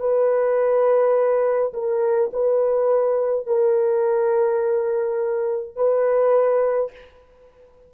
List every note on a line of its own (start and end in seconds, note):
0.00 1.73 B4
1.74 2.31 A#4
2.33 3.47 B4
3.47 5.76 A#4
5.76 6.91 B4